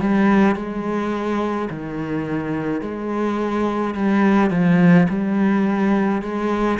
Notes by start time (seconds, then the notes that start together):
0.00 G3
0.56 G#3
1.70 D#3
2.81 G#3
3.94 G3
4.50 F3
5.09 G3
6.22 G#3